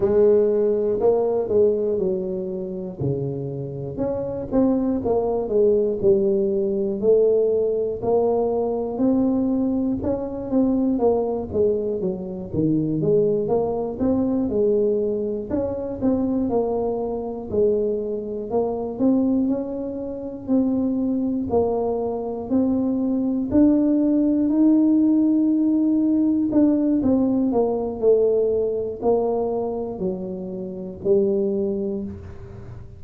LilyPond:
\new Staff \with { instrumentName = "tuba" } { \time 4/4 \tempo 4 = 60 gis4 ais8 gis8 fis4 cis4 | cis'8 c'8 ais8 gis8 g4 a4 | ais4 c'4 cis'8 c'8 ais8 gis8 | fis8 dis8 gis8 ais8 c'8 gis4 cis'8 |
c'8 ais4 gis4 ais8 c'8 cis'8~ | cis'8 c'4 ais4 c'4 d'8~ | d'8 dis'2 d'8 c'8 ais8 | a4 ais4 fis4 g4 | }